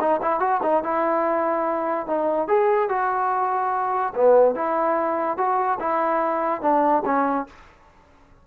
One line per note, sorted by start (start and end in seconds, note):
0.00 0.21 D#4
0.22 0.40 E4
0.40 0.61 F#4
0.63 0.83 D#4
0.83 2.07 E4
2.07 2.48 D#4
2.48 2.89 G#4
2.89 4.13 F#4
4.15 4.55 B3
4.55 5.37 E4
5.37 5.79 F#4
5.80 6.62 E4
6.62 7.03 D4
7.05 7.47 C#4